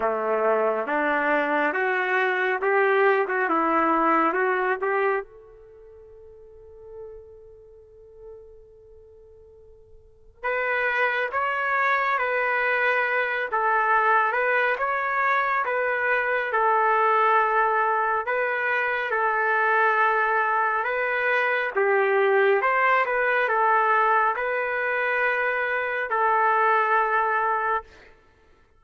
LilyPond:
\new Staff \with { instrumentName = "trumpet" } { \time 4/4 \tempo 4 = 69 a4 d'4 fis'4 g'8. fis'16 | e'4 fis'8 g'8 a'2~ | a'1 | b'4 cis''4 b'4. a'8~ |
a'8 b'8 cis''4 b'4 a'4~ | a'4 b'4 a'2 | b'4 g'4 c''8 b'8 a'4 | b'2 a'2 | }